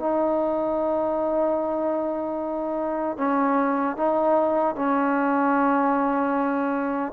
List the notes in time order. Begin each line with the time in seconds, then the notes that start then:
0.00 D#4
3.18 C#4
3.97 D#4
4.76 C#4